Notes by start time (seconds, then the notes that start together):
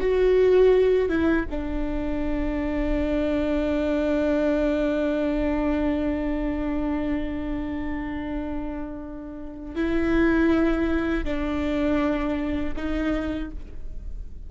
0.00 F#4
1.09 E4
1.50 D4
9.75 E4
11.24 D4
12.75 D#4